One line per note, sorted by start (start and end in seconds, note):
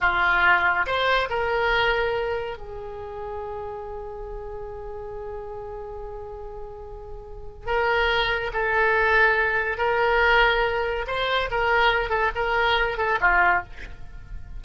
0.00 0.85 F4
0.86 1.29 C5
1.29 2.57 A#4
2.57 7.66 G#4
7.66 8.51 A#4
8.53 9.77 A4
9.77 11.05 A#4
11.07 11.49 C5
11.50 12.09 A#4
12.09 12.31 A4
12.35 12.97 A#4
12.97 13.18 A4
13.20 13.63 F4